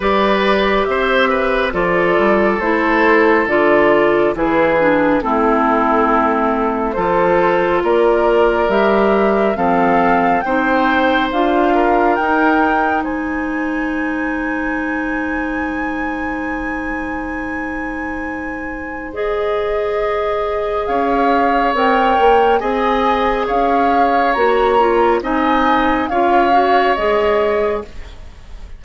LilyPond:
<<
  \new Staff \with { instrumentName = "flute" } { \time 4/4 \tempo 4 = 69 d''4 e''4 d''4 c''4 | d''4 b'4 a'2 | c''4 d''4 e''4 f''4 | g''4 f''4 g''4 gis''4~ |
gis''1~ | gis''2 dis''2 | f''4 g''4 gis''4 f''4 | ais''4 gis''4 f''4 dis''4 | }
  \new Staff \with { instrumentName = "oboe" } { \time 4/4 b'4 c''8 b'8 a'2~ | a'4 gis'4 e'2 | a'4 ais'2 a'4 | c''4. ais'4. c''4~ |
c''1~ | c''1 | cis''2 dis''4 cis''4~ | cis''4 dis''4 cis''2 | }
  \new Staff \with { instrumentName = "clarinet" } { \time 4/4 g'2 f'4 e'4 | f'4 e'8 d'8 c'2 | f'2 g'4 c'4 | dis'4 f'4 dis'2~ |
dis'1~ | dis'2 gis'2~ | gis'4 ais'4 gis'2 | fis'8 f'8 dis'4 f'8 fis'8 gis'4 | }
  \new Staff \with { instrumentName = "bassoon" } { \time 4/4 g4 c'4 f8 g8 a4 | d4 e4 a2 | f4 ais4 g4 f4 | c'4 d'4 dis'4 gis4~ |
gis1~ | gis1 | cis'4 c'8 ais8 c'4 cis'4 | ais4 c'4 cis'4 gis4 | }
>>